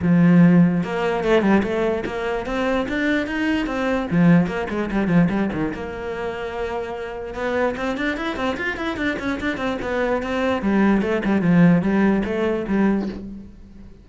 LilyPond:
\new Staff \with { instrumentName = "cello" } { \time 4/4 \tempo 4 = 147 f2 ais4 a8 g8 | a4 ais4 c'4 d'4 | dis'4 c'4 f4 ais8 gis8 | g8 f8 g8 dis8 ais2~ |
ais2 b4 c'8 d'8 | e'8 c'8 f'8 e'8 d'8 cis'8 d'8 c'8 | b4 c'4 g4 a8 g8 | f4 g4 a4 g4 | }